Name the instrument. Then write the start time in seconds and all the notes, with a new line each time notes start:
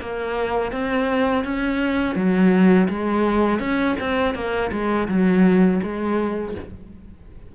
cello
0.00 A#3
0.71 C4
1.44 C#4
2.15 F#3
2.88 G#3
3.59 C#4
4.00 C4
4.34 A#3
4.71 G#3
5.08 F#3
5.83 G#3